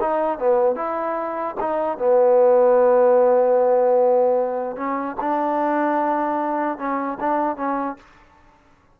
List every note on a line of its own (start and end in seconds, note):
0.00 0.38 D#4
0.38 0.75 B3
0.75 1.55 E4
1.60 1.97 D#4
1.97 4.76 B3
4.76 5.16 C#4
5.20 6.77 D4
6.77 7.17 C#4
7.20 7.56 D4
7.56 7.96 C#4